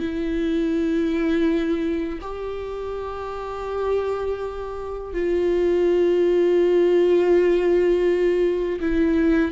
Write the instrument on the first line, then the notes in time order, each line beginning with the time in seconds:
viola
0.00 E4
2.22 G4
5.14 F4
8.81 E4